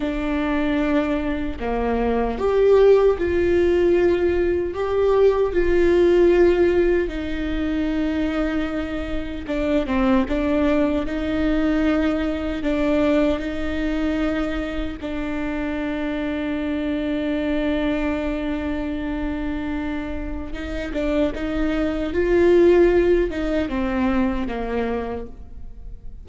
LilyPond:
\new Staff \with { instrumentName = "viola" } { \time 4/4 \tempo 4 = 76 d'2 ais4 g'4 | f'2 g'4 f'4~ | f'4 dis'2. | d'8 c'8 d'4 dis'2 |
d'4 dis'2 d'4~ | d'1~ | d'2 dis'8 d'8 dis'4 | f'4. dis'8 c'4 ais4 | }